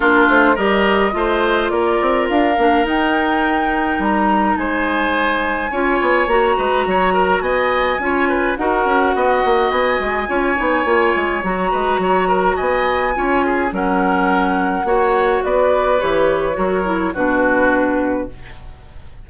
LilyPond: <<
  \new Staff \with { instrumentName = "flute" } { \time 4/4 \tempo 4 = 105 ais'8 c''8 dis''2 d''4 | f''4 g''2 ais''4 | gis''2. ais''4~ | ais''4 gis''2 fis''4~ |
fis''4 gis''2. | ais''2 gis''2 | fis''2. d''4 | cis''2 b'2 | }
  \new Staff \with { instrumentName = "oboe" } { \time 4/4 f'4 ais'4 c''4 ais'4~ | ais'1 | c''2 cis''4. b'8 | cis''8 ais'8 dis''4 cis''8 b'8 ais'4 |
dis''2 cis''2~ | cis''8 b'8 cis''8 ais'8 dis''4 cis''8 gis'8 | ais'2 cis''4 b'4~ | b'4 ais'4 fis'2 | }
  \new Staff \with { instrumentName = "clarinet" } { \time 4/4 d'4 g'4 f'2~ | f'8 d'8 dis'2.~ | dis'2 f'4 fis'4~ | fis'2 f'4 fis'4~ |
fis'2 f'8 dis'8 f'4 | fis'2. f'4 | cis'2 fis'2 | g'4 fis'8 e'8 d'2 | }
  \new Staff \with { instrumentName = "bassoon" } { \time 4/4 ais8 a8 g4 a4 ais8 c'8 | d'8 ais8 dis'2 g4 | gis2 cis'8 b8 ais8 gis8 | fis4 b4 cis'4 dis'8 cis'8 |
b8 ais8 b8 gis8 cis'8 b8 ais8 gis8 | fis8 gis8 fis4 b4 cis'4 | fis2 ais4 b4 | e4 fis4 b,2 | }
>>